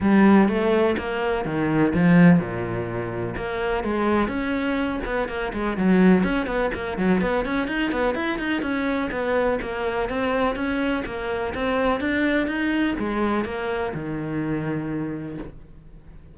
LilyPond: \new Staff \with { instrumentName = "cello" } { \time 4/4 \tempo 4 = 125 g4 a4 ais4 dis4 | f4 ais,2 ais4 | gis4 cis'4. b8 ais8 gis8 | fis4 cis'8 b8 ais8 fis8 b8 cis'8 |
dis'8 b8 e'8 dis'8 cis'4 b4 | ais4 c'4 cis'4 ais4 | c'4 d'4 dis'4 gis4 | ais4 dis2. | }